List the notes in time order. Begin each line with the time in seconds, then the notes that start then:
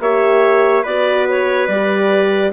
0.00 A#3 G4 C#5 E5
0.83 B3 F#4 B4 D5
1.29 C#5
1.67 G3 G4 D5